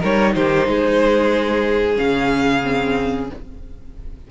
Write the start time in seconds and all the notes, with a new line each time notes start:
0.00 G3 D#4 A#4 C#5
0.35 D#3 G4 C5
0.68 G#3 G#4
1.95 C#3 C#4 F5
2.63 C4